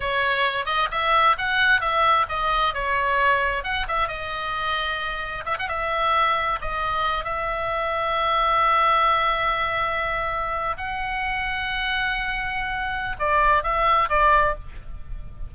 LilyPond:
\new Staff \with { instrumentName = "oboe" } { \time 4/4 \tempo 4 = 132 cis''4. dis''8 e''4 fis''4 | e''4 dis''4 cis''2 | fis''8 e''8 dis''2. | e''16 fis''16 e''2 dis''4. |
e''1~ | e''2.~ e''8. fis''16~ | fis''1~ | fis''4 d''4 e''4 d''4 | }